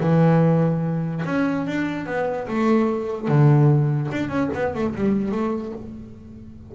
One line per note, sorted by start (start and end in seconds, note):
0.00 1.23 E3
1.26 1.67 C#4
1.67 2.06 D4
2.06 2.47 B3
2.48 3.28 A3
3.28 4.10 D3
4.11 4.29 D4
4.29 4.50 C#4
4.54 4.74 B3
4.74 4.95 A3
4.95 5.31 G3
5.31 5.72 A3